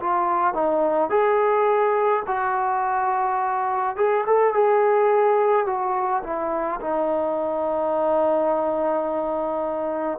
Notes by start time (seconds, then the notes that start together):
0.00 F4
0.54 D#4
1.10 G#4
2.27 F#4
3.96 G#4
4.26 A4
4.54 G#4
5.66 F#4
6.23 E4
6.81 D#4